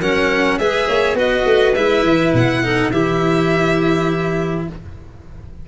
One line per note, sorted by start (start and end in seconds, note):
0.00 0.58 F#3
0.00 0.60 C#4
0.00 0.58 A#4
0.00 0.58 F#5
0.58 0.87 G#3
0.58 1.16 G#4
0.58 0.89 B4
0.58 1.17 E5
0.88 1.14 A#3
0.88 1.16 C#5
1.14 1.43 B3
1.14 1.74 F#4
1.14 2.62 B4
1.14 1.74 D#5
1.45 1.74 A3
1.74 2.03 G#3
1.74 2.63 E4
1.74 2.33 E5
2.03 2.32 E3
2.33 2.91 B2
2.33 2.92 F#5
2.63 2.92 D#4
2.63 2.92 A4
2.91 4.66 E3
2.91 4.68 E4
2.91 4.67 G4
2.91 4.66 E5